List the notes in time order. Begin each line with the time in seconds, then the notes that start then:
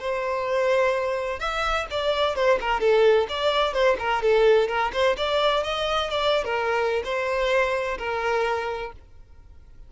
0.00 C5
1.40 E5
1.91 D5
2.35 C5
2.61 A#4
2.80 A4
3.29 D5
3.73 C5
3.99 A#4
4.22 A4
4.68 A#4
4.93 C5
5.17 D5
5.64 D#5
6.10 D5
6.44 A#4
7.04 C5
7.98 A#4